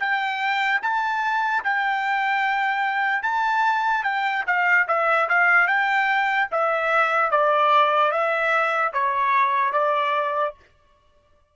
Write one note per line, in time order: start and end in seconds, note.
0.00 0.81 G5
0.83 1.64 A5
1.64 3.23 G5
3.23 4.04 A5
4.04 4.44 G5
4.47 4.88 F5
4.88 5.29 E5
5.30 5.68 F5
5.68 6.49 G5
6.52 7.31 E5
7.31 8.12 D5
8.12 8.93 E5
8.94 9.73 C#5
9.73 10.54 D5